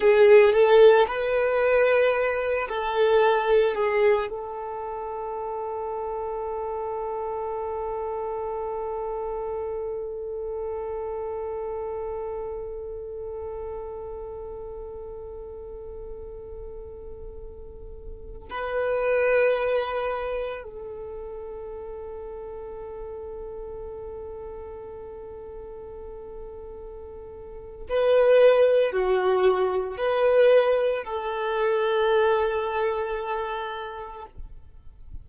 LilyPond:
\new Staff \with { instrumentName = "violin" } { \time 4/4 \tempo 4 = 56 gis'8 a'8 b'4. a'4 gis'8 | a'1~ | a'1~ | a'1~ |
a'4~ a'16 b'2 a'8.~ | a'1~ | a'2 b'4 fis'4 | b'4 a'2. | }